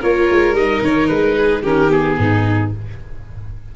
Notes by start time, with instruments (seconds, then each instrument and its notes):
0.00 tuba A#3, viola F4, violin A#4, oboe C#5
0.31 tuba G#3
0.52 tuba G3, viola D#4, oboe D#5
0.82 tuba D#3, oboe C#5
1.08 tuba G#3, oboe B4
1.37 violin G#4
1.62 tuba D#3, viola C#4, violin G4, oboe A#4
1.89 viola B3, oboe G#4
2.18 tuba G#2, violin D#4